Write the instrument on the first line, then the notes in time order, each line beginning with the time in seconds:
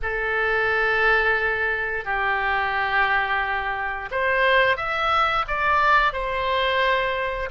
oboe
0.02 A4
2.04 G4
4.11 C5
4.76 E5
5.47 D5
6.12 C5